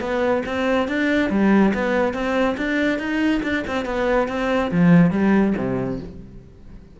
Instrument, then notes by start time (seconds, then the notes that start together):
cello
0.00 B3
0.45 C4
0.87 D4
1.30 G3
1.74 B3
2.13 C4
2.57 D4
2.98 D#4
3.42 D4
3.67 C4
3.85 B3
4.28 C4
4.71 F3
5.10 G3
5.57 C3